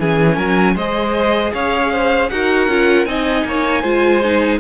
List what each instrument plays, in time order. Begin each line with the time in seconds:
0.00 cello E3, viola C#4, violin G#4 G#5
0.36 cello F#3, violin A#4
0.76 cello G#3, viola G#4, violin C5 D#5
1.54 cello C#4, violin C#5 F5
1.93 violin C5
2.30 cello D#4, viola F#4, violin A#4 F#5
2.68 cello C#4, viola F4
3.06 cello C4, viola D#4, violin D#5 G#5
3.45 cello A#3, violin C#5
3.82 cello G#3, viola F4, violin C5
4.24 viola D#4